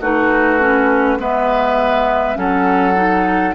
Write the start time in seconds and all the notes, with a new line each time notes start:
0.00 A3 D#4 F#4 B4
0.60 C#4
1.18 G#3 B3 B4 E5
2.35 F#3 C#4 A4 F#5
2.95 D#4